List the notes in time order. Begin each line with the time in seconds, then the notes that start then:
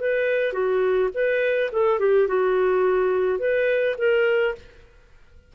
0.00 B4
0.53 F#4
1.14 B4
1.72 A4
1.99 G4
2.27 F#4
3.39 B4
3.98 A#4